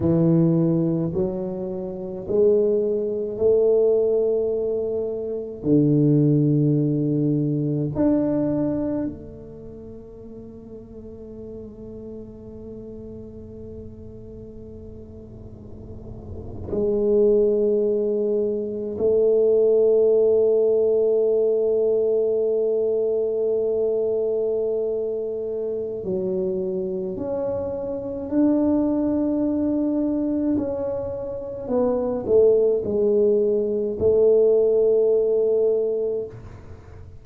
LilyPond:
\new Staff \with { instrumentName = "tuba" } { \time 4/4 \tempo 4 = 53 e4 fis4 gis4 a4~ | a4 d2 d'4 | a1~ | a2~ a8. gis4~ gis16~ |
gis8. a2.~ a16~ | a2. fis4 | cis'4 d'2 cis'4 | b8 a8 gis4 a2 | }